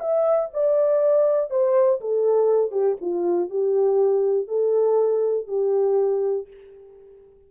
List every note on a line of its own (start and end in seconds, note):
0.00 0.50 E5
0.53 1.50 D5
1.50 2.00 C5
2.01 2.72 A4
2.72 2.97 G4
3.01 3.50 F4
3.50 4.48 G4
4.48 5.47 A4
5.47 6.47 G4